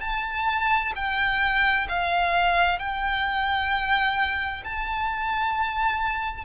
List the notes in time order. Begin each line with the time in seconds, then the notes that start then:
0.00 A5
0.95 G5
1.88 F5
2.79 G5
4.64 A5